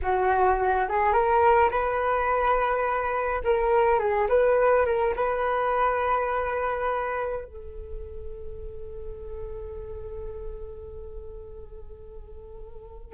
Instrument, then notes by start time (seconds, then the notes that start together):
flute
0.02 F#4
0.88 G#4
1.12 A#4
1.70 B4
3.44 A#4
3.99 G#4
4.28 B4
4.85 A#4
5.16 B4
7.44 A4